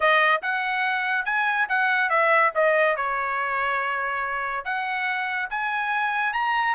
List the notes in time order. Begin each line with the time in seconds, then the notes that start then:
0.00 D#5
0.42 F#5
1.25 G#5
1.68 F#5
2.09 E5
2.54 D#5
2.96 C#5
4.64 F#5
5.50 G#5
6.33 A#5